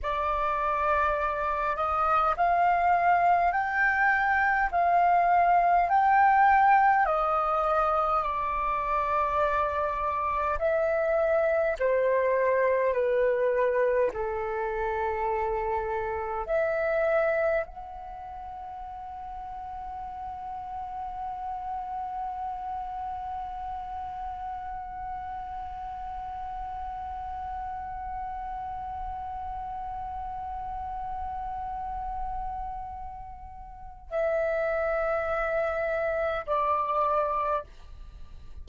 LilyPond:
\new Staff \with { instrumentName = "flute" } { \time 4/4 \tempo 4 = 51 d''4. dis''8 f''4 g''4 | f''4 g''4 dis''4 d''4~ | d''4 e''4 c''4 b'4 | a'2 e''4 fis''4~ |
fis''1~ | fis''1~ | fis''1~ | fis''4 e''2 d''4 | }